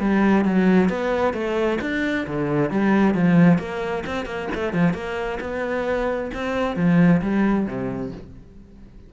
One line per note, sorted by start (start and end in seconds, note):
0.00 0.45 G3
0.45 0.90 F#3
0.90 1.34 B3
1.34 1.79 A3
1.82 2.27 D4
2.27 2.71 D3
2.71 3.15 G3
3.15 3.59 F3
3.59 4.04 A#3
4.07 4.26 C4
4.26 4.49 A#3
4.55 4.74 A3
4.74 4.94 F3
4.94 5.39 A#3
5.41 6.31 B3
6.34 6.76 C4
6.76 7.21 F3
7.22 7.67 G3
7.67 8.12 C3